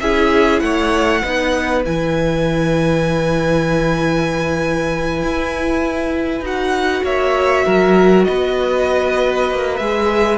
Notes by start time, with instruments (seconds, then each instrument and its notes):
0.00 cello C#4, viola E4, violin G#4 E5
0.60 cello A3, violin C#5 F#5
1.22 cello B3, viola D#4, violin B4
1.85 cello E3, viola E4, violin G#5
5.22 cello E4
6.41 cello D#4, viola F#4, violin F#5
7.03 cello A#3, violin C#5 E5
7.65 cello F#3, violin A#4
8.24 cello B3, violin B4 D#5
9.51 cello A#3
9.76 cello G#3, viola G#4, violin E5